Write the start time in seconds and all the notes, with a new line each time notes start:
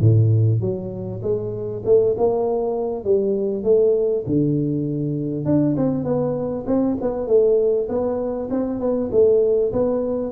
0.00 A2
0.60 F#3
1.22 G#3
1.85 A3
2.17 A#3
3.04 G3
3.63 A3
4.26 D3
5.45 D4
5.76 C4
6.04 B3
6.66 C4
7.01 B3
7.27 A3
7.88 B3
8.50 C4
8.80 B3
9.11 A3
9.72 B3